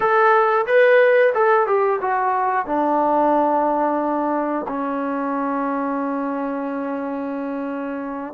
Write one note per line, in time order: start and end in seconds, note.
0.00 0.65 A4
0.66 1.33 B4
1.34 1.66 A4
1.66 2.00 G4
2.01 2.66 F#4
2.66 4.66 D4
4.68 8.33 C#4